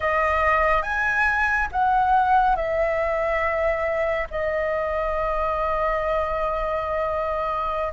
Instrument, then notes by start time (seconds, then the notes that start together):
flute
0.00 D#5
0.82 G#5
1.72 F#5
2.56 E5
4.30 D#5